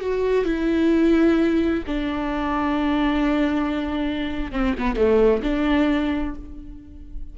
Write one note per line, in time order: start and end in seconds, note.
0.00 0.45 F#4
0.45 1.84 E4
1.87 4.52 D4
4.52 4.75 C4
4.78 4.96 B3
4.96 5.42 A3
5.43 6.35 D4